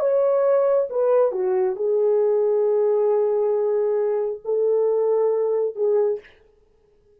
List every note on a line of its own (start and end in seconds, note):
0.00 0.88 C#5
0.90 1.32 B4
1.32 1.76 F#4
1.76 4.40 G#4
4.44 5.76 A4
5.76 6.20 G#4